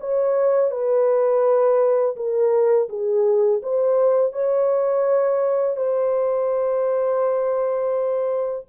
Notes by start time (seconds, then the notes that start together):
0.00 C#5
0.71 B4
2.16 A#4
2.89 G#4
3.63 C5
4.33 C#5
5.77 C5